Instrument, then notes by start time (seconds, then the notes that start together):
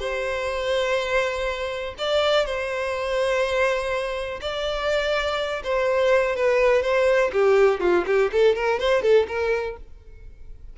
violin
0.00 C5
1.98 D5
2.46 C5
4.41 D5
5.64 C5
6.36 B4
6.83 C5
7.33 G4
7.80 F4
8.07 G4
8.33 A4
8.56 A#4
8.80 C5
9.03 A4
9.28 A#4